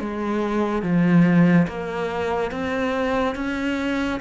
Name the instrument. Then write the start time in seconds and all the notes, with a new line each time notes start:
cello
0.00 G#3
0.82 F3
1.67 A#3
2.51 C4
3.35 C#4